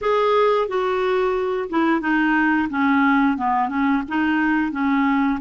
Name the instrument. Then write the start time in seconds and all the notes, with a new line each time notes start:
clarinet
0.01 G#4
0.68 F#4
1.69 E4
2.00 D#4
2.69 C#4
3.37 B3
3.69 C#4
4.08 D#4
4.71 C#4